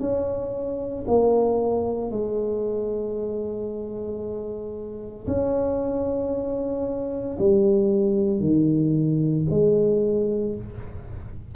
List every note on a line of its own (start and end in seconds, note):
0.00 1.05 C#4
1.08 2.11 A#3
2.11 5.27 G#3
5.27 7.38 C#4
7.39 8.41 G3
8.41 9.46 D#3
9.50 10.56 G#3